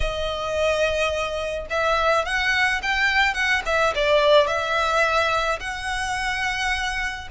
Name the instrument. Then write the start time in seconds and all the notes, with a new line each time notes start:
violin
0.00 D#5
1.70 E5
2.25 F#5
2.82 G5
3.34 F#5
3.65 E5
3.95 D5
4.47 E5
5.59 F#5